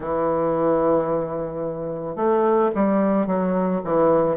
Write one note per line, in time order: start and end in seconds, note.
0.00 2.15 E3
2.15 2.70 A3
2.75 3.26 G3
3.26 3.81 F#3
3.84 4.36 E3